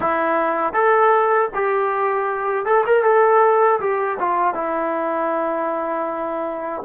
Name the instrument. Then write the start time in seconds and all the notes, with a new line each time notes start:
trombone
0.00 E4
0.73 A4
1.54 G4
2.65 A4
2.86 A#4
3.03 A4
3.80 G4
4.19 F4
4.54 E4